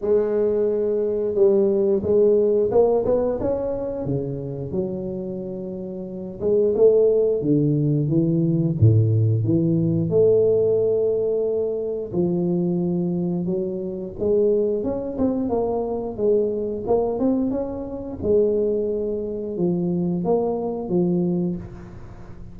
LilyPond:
\new Staff \with { instrumentName = "tuba" } { \time 4/4 \tempo 4 = 89 gis2 g4 gis4 | ais8 b8 cis'4 cis4 fis4~ | fis4. gis8 a4 d4 | e4 a,4 e4 a4~ |
a2 f2 | fis4 gis4 cis'8 c'8 ais4 | gis4 ais8 c'8 cis'4 gis4~ | gis4 f4 ais4 f4 | }